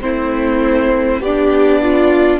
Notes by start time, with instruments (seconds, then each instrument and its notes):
0.00 cello A3, viola C4, violin E4 C5
1.20 cello B3, violin D4 D5, viola G4
1.82 viola F4